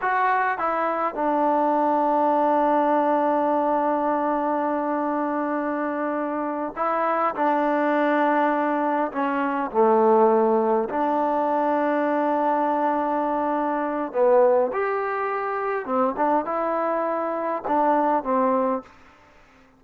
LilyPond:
\new Staff \with { instrumentName = "trombone" } { \time 4/4 \tempo 4 = 102 fis'4 e'4 d'2~ | d'1~ | d'2.~ d'8 e'8~ | e'8 d'2. cis'8~ |
cis'8 a2 d'4.~ | d'1 | b4 g'2 c'8 d'8 | e'2 d'4 c'4 | }